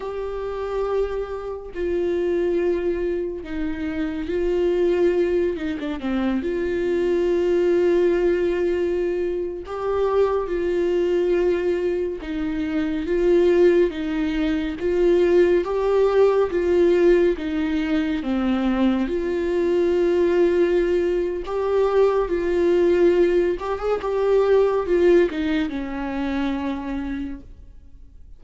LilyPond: \new Staff \with { instrumentName = "viola" } { \time 4/4 \tempo 4 = 70 g'2 f'2 | dis'4 f'4. dis'16 d'16 c'8 f'8~ | f'2.~ f'16 g'8.~ | g'16 f'2 dis'4 f'8.~ |
f'16 dis'4 f'4 g'4 f'8.~ | f'16 dis'4 c'4 f'4.~ f'16~ | f'4 g'4 f'4. g'16 gis'16 | g'4 f'8 dis'8 cis'2 | }